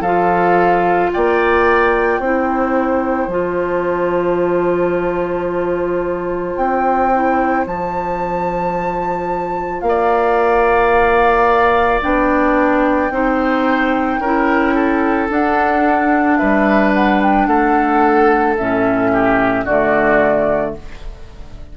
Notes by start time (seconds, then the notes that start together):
0.00 F3 F4 A4 F5
1.12 A#3 D5 G5
2.19 C4 E4 C5
3.27 F3 F4 A5
6.56 C4 G5
7.14 E4
7.66 F3 F4 A5
9.81 A#3 F5
9.88 D5
12.02 B3 D4 G5
13.10 C4 D#4 C5
14.19 C#4 E4 A#4
14.74 A4
15.29 D4 F#5
16.37 G3 B4 E5
16.94 F#5
17.22 G5
17.46 A3 A4 F#5
18.57 A2 C#4 E5
19.12 G4
19.64 D3 A3 F#4 D5